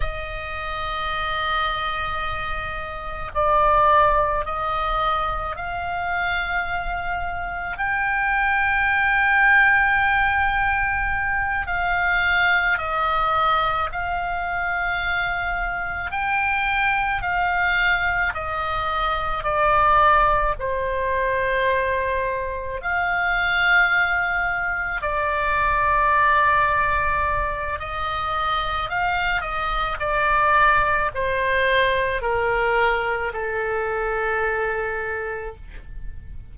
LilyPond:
\new Staff \with { instrumentName = "oboe" } { \time 4/4 \tempo 4 = 54 dis''2. d''4 | dis''4 f''2 g''4~ | g''2~ g''8 f''4 dis''8~ | dis''8 f''2 g''4 f''8~ |
f''8 dis''4 d''4 c''4.~ | c''8 f''2 d''4.~ | d''4 dis''4 f''8 dis''8 d''4 | c''4 ais'4 a'2 | }